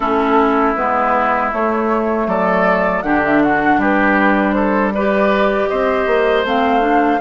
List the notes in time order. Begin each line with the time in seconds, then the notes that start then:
0.00 A3 C#4 E4 A4
0.75 G#3 B3 B4
1.52 A3 C#5
2.26 F#3 A4 D5
3.01 D3 D4 G4 F#5
3.25 E5
3.43 F#4 F#5
3.77 G3 G4 B4
4.52 A4 C5
4.94 G4 B4 D5
5.68 C4 C5 D#5
6.06 A#3
6.44 A3 C4 F5
6.80 D4